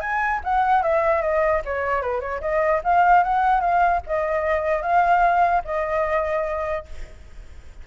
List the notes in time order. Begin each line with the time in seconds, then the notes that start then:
0.00 G#5
0.43 F#5
0.82 E5
1.21 D#5
1.65 C#5
2.02 B4
2.20 C#5
2.41 D#5
2.84 F5
3.23 F#5
3.60 F5
4.06 D#5
4.82 F5
5.64 D#5